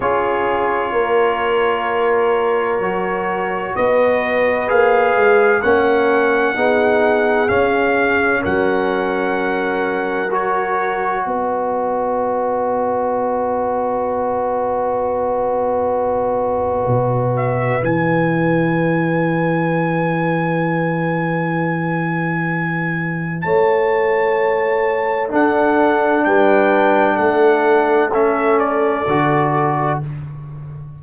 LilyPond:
<<
  \new Staff \with { instrumentName = "trumpet" } { \time 4/4 \tempo 4 = 64 cis''1 | dis''4 f''4 fis''2 | f''4 fis''2 cis''4 | dis''1~ |
dis''2~ dis''8 e''8 gis''4~ | gis''1~ | gis''4 a''2 fis''4 | g''4 fis''4 e''8 d''4. | }
  \new Staff \with { instrumentName = "horn" } { \time 4/4 gis'4 ais'2. | b'2 ais'4 gis'4~ | gis'4 ais'2. | b'1~ |
b'1~ | b'1~ | b'4 cis''2 a'4 | b'4 a'2. | }
  \new Staff \with { instrumentName = "trombone" } { \time 4/4 f'2. fis'4~ | fis'4 gis'4 cis'4 dis'4 | cis'2. fis'4~ | fis'1~ |
fis'2. e'4~ | e'1~ | e'2. d'4~ | d'2 cis'4 fis'4 | }
  \new Staff \with { instrumentName = "tuba" } { \time 4/4 cis'4 ais2 fis4 | b4 ais8 gis8 ais4 b4 | cis'4 fis2. | b1~ |
b2 b,4 e4~ | e1~ | e4 a2 d'4 | g4 a2 d4 | }
>>